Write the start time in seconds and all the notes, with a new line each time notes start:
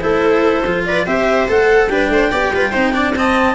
0.00 A3 E4 A4 C5
0.65 F3 F4
0.86 B4 D5
1.05 C4 G4 C5 E5
1.48 A3 A4 F#5
1.88 G3 D4 B4 G5
2.09 A3 C5
2.31 B3 G4 D5
2.51 G3 F4 B4
2.71 C4 D#4 C5
2.93 D4 D5
3.16 C4 D#5 A5